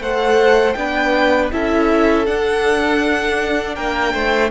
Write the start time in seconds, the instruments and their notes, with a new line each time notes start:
0.00 cello A3, viola A4, violin C5 F#5
0.73 cello B3, viola D4, violin G5
0.79 violin B4
1.51 cello C#4, viola E4, violin A4 E5
2.26 viola D4, cello D4, violin F#5
3.75 cello A#3, violin A#4 G5
4.13 cello A3, violin C5